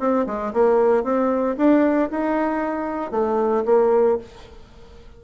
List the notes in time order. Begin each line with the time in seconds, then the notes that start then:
0.00 C4
0.27 G#3
0.53 A#3
1.04 C4
1.57 D4
2.11 D#4
3.11 A3
3.66 A#3